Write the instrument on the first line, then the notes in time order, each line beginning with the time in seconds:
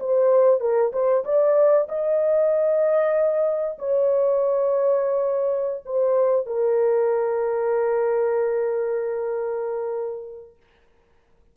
horn
0.00 C5
0.60 A#4
0.93 C5
1.25 D5
1.89 D#5
3.78 C#5
5.85 C5
6.46 A#4